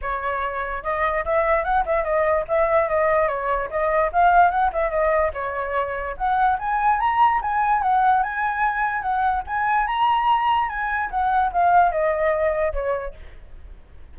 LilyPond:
\new Staff \with { instrumentName = "flute" } { \time 4/4 \tempo 4 = 146 cis''2 dis''4 e''4 | fis''8 e''8 dis''4 e''4 dis''4 | cis''4 dis''4 f''4 fis''8 e''8 | dis''4 cis''2 fis''4 |
gis''4 ais''4 gis''4 fis''4 | gis''2 fis''4 gis''4 | ais''2 gis''4 fis''4 | f''4 dis''2 cis''4 | }